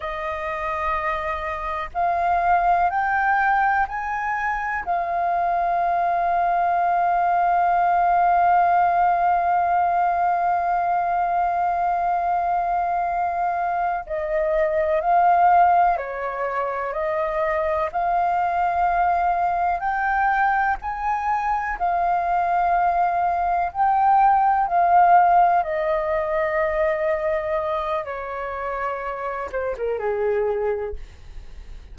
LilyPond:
\new Staff \with { instrumentName = "flute" } { \time 4/4 \tempo 4 = 62 dis''2 f''4 g''4 | gis''4 f''2.~ | f''1~ | f''2~ f''8 dis''4 f''8~ |
f''8 cis''4 dis''4 f''4.~ | f''8 g''4 gis''4 f''4.~ | f''8 g''4 f''4 dis''4.~ | dis''4 cis''4. c''16 ais'16 gis'4 | }